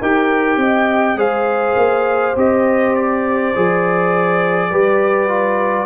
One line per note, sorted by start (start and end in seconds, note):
0.00 0.57 D#4
0.00 1.17 G4
0.00 0.59 A#4
0.00 1.19 G5
0.57 1.15 C4
0.57 1.18 D#5
1.15 1.74 G#3
1.15 2.34 G#4
1.15 4.70 C5
1.15 2.36 F5
1.76 2.35 A#3
2.36 3.54 C4
2.36 3.53 G4
2.36 2.95 D#5
2.95 5.85 D5
3.55 4.71 F3
3.55 4.71 G#4
4.70 5.85 G3
4.70 5.28 G4
4.70 5.85 B4
5.28 5.85 F4